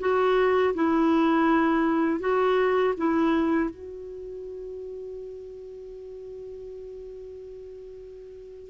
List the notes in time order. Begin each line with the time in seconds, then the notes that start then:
0.00 F#4
0.75 E4
2.20 F#4
2.98 E4
3.70 F#4